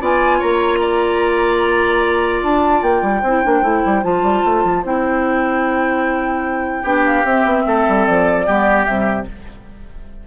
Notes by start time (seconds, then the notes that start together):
0.00 B3 F4 D5 G#5
0.38 A#3 C#5 A#5
0.80 D5
2.43 D4 A5
2.82 A#3 G5
3.01 G3
3.20 C4 C5
3.27 E4
3.44 A#3 D4
3.61 A3 E4
3.85 G3
4.02 F3 F4 A5
4.22 G3
4.44 A3
4.63 F3
4.83 C4 E4 G5
6.81 B3 D4 G4
7.05 F5
7.24 C4 E5
7.44 B3
7.65 A3 A4
7.87 G3
8.05 F3 D5
8.46 G3 B3 G4
8.85 C3 G3 E5